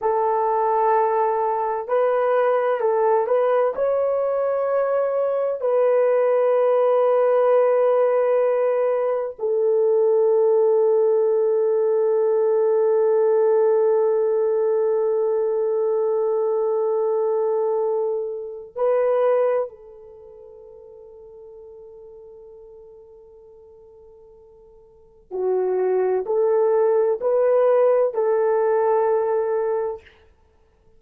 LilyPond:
\new Staff \with { instrumentName = "horn" } { \time 4/4 \tempo 4 = 64 a'2 b'4 a'8 b'8 | cis''2 b'2~ | b'2 a'2~ | a'1~ |
a'1 | b'4 a'2.~ | a'2. fis'4 | a'4 b'4 a'2 | }